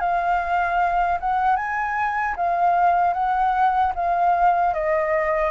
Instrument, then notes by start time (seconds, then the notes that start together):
flute
0.00 F5
1.20 F#5
1.56 G#5
2.36 F5
3.13 F#5
3.95 F5
4.74 D#5